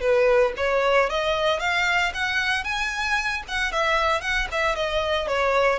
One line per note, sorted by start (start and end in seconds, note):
0.00 0.53 B4
0.57 1.09 C#5
1.09 1.59 D#5
1.59 2.12 F5
2.14 2.64 F#5
2.64 3.43 G#5
3.48 3.72 F#5
3.72 4.21 E5
4.21 4.47 F#5
4.51 4.76 E5
4.76 5.27 D#5
5.27 5.79 C#5